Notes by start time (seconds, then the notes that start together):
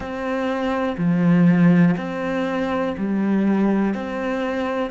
0.00 C4
0.97 F3
1.97 C4
2.97 G3
3.94 C4